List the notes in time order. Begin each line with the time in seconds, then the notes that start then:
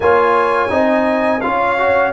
0.00 A#3 F4 C#5 G#5
0.69 C4 D#4 D#5
1.40 C#4 F4 C#5 F5
1.78 F#4